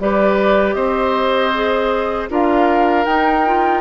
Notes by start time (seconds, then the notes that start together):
0.00 G3 G4 B4 D5
0.74 C4 C5 D#5
1.54 G#4
2.30 D4 F4 A#4 F5
3.05 D#4 G5
3.46 F4